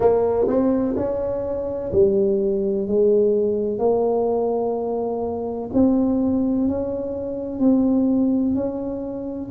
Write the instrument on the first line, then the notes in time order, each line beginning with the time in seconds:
tuba
0.00 A#3
0.47 C4
0.96 C#4
1.92 G3
2.87 G#3
3.78 A#3
5.73 C4
6.68 C#4
7.59 C4
8.55 C#4